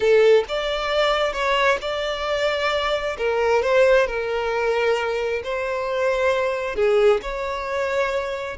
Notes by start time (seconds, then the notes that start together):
0.00 A4
0.48 D5
1.32 C#5
1.81 D5
3.17 A#4
3.62 C5
4.07 A#4
5.43 C5
6.75 G#4
7.22 C#5